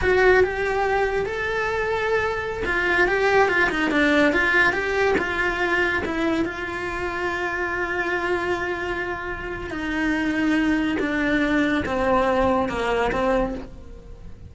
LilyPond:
\new Staff \with { instrumentName = "cello" } { \time 4/4 \tempo 4 = 142 fis'4 g'2 a'4~ | a'2~ a'16 f'4 g'8.~ | g'16 f'8 dis'8 d'4 f'4 g'8.~ | g'16 f'2 e'4 f'8.~ |
f'1~ | f'2. dis'4~ | dis'2 d'2 | c'2 ais4 c'4 | }